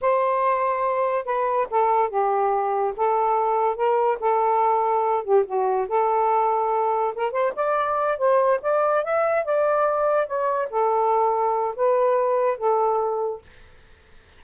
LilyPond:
\new Staff \with { instrumentName = "saxophone" } { \time 4/4 \tempo 4 = 143 c''2. b'4 | a'4 g'2 a'4~ | a'4 ais'4 a'2~ | a'8 g'8 fis'4 a'2~ |
a'4 ais'8 c''8 d''4. c''8~ | c''8 d''4 e''4 d''4.~ | d''8 cis''4 a'2~ a'8 | b'2 a'2 | }